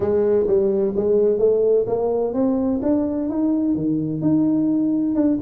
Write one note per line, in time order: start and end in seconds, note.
0.00 0.46 G#3
0.47 0.94 G3
0.96 1.38 G#3
1.38 1.85 A3
1.86 2.33 A#3
2.33 2.80 C4
2.82 3.29 D4
3.29 3.75 D#4
3.75 4.21 D#3
4.21 5.15 D#4
5.15 5.38 D4